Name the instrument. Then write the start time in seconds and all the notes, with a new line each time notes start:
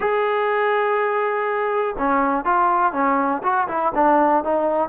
trombone
0.00 G#4
1.98 C#4
2.45 F4
2.92 C#4
3.43 F#4
3.68 E4
3.94 D4
4.44 D#4